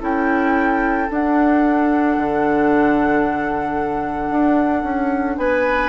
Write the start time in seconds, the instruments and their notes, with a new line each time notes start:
0.00 bassoon C#4, clarinet E4, oboe A4, flute G5
1.10 clarinet D4, bassoon D4, flute F#5
2.17 bassoon D3
4.30 bassoon D4
4.83 bassoon C#4
5.38 bassoon B3, oboe B4, flute G#5